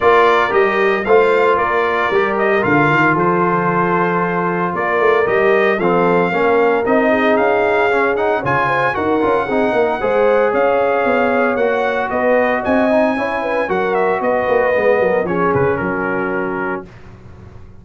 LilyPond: <<
  \new Staff \with { instrumentName = "trumpet" } { \time 4/4 \tempo 4 = 114 d''4 dis''4 f''4 d''4~ | d''8 dis''8 f''4 c''2~ | c''4 d''4 dis''4 f''4~ | f''4 dis''4 f''4. fis''8 |
gis''4 fis''2. | f''2 fis''4 dis''4 | gis''2 fis''8 e''8 dis''4~ | dis''4 cis''8 b'8 ais'2 | }
  \new Staff \with { instrumentName = "horn" } { \time 4/4 ais'2 c''4 ais'4~ | ais'2 a'2~ | a'4 ais'2 a'4 | ais'4. gis'2~ gis'8 |
cis''8 c''8 ais'4 gis'8 ais'8 c''4 | cis''2. b'4 | dis''4 cis''8 b'8 ais'4 b'4~ | b'8 ais'8 gis'4 fis'2 | }
  \new Staff \with { instrumentName = "trombone" } { \time 4/4 f'4 g'4 f'2 | g'4 f'2.~ | f'2 g'4 c'4 | cis'4 dis'2 cis'8 dis'8 |
f'4 fis'8 f'8 dis'4 gis'4~ | gis'2 fis'2~ | fis'8 dis'8 e'4 fis'2 | b4 cis'2. | }
  \new Staff \with { instrumentName = "tuba" } { \time 4/4 ais4 g4 a4 ais4 | g4 d8 dis8 f2~ | f4 ais8 a8 g4 f4 | ais4 c'4 cis'2 |
cis4 dis'8 cis'8 c'8 ais8 gis4 | cis'4 b4 ais4 b4 | c'4 cis'4 fis4 b8 ais8 | gis8 fis8 f8 cis8 fis2 | }
>>